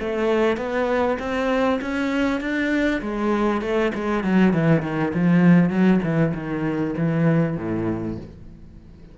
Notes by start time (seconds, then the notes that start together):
0.00 A3
0.58 B3
1.20 C4
1.82 C#4
2.41 D4
3.02 G#3
3.62 A3
3.95 G#3
4.24 F#3
4.53 E3
4.82 D#3
5.14 F3
5.70 F#3
6.04 E3
6.34 D#3
6.98 E3
7.58 A2